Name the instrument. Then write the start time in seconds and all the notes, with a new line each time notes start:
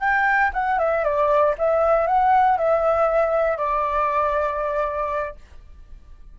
flute
0.00 G5
0.53 F#5
0.79 E5
1.04 D5
1.58 E5
2.07 F#5
2.58 E5
3.57 D5